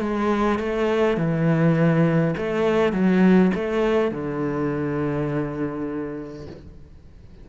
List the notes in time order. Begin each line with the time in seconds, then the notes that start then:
0.00 G#3
0.59 A3
1.17 E3
2.37 A3
2.92 F#3
3.54 A3
4.11 D3